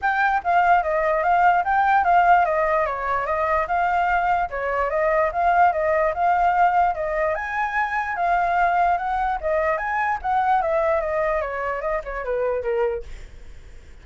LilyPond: \new Staff \with { instrumentName = "flute" } { \time 4/4 \tempo 4 = 147 g''4 f''4 dis''4 f''4 | g''4 f''4 dis''4 cis''4 | dis''4 f''2 cis''4 | dis''4 f''4 dis''4 f''4~ |
f''4 dis''4 gis''2 | f''2 fis''4 dis''4 | gis''4 fis''4 e''4 dis''4 | cis''4 dis''8 cis''8 b'4 ais'4 | }